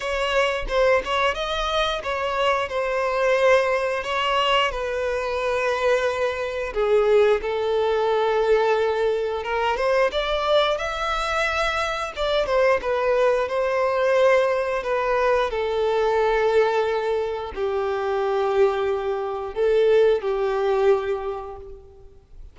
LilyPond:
\new Staff \with { instrumentName = "violin" } { \time 4/4 \tempo 4 = 89 cis''4 c''8 cis''8 dis''4 cis''4 | c''2 cis''4 b'4~ | b'2 gis'4 a'4~ | a'2 ais'8 c''8 d''4 |
e''2 d''8 c''8 b'4 | c''2 b'4 a'4~ | a'2 g'2~ | g'4 a'4 g'2 | }